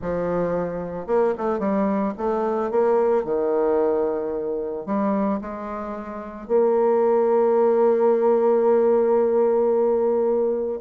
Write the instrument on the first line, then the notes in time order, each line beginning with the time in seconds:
bassoon
0.01 F3
1.06 A#3
1.37 A3
1.59 G3
2.17 A3
2.70 A#3
3.24 D#3
4.86 G3
5.41 G#3
6.47 A#3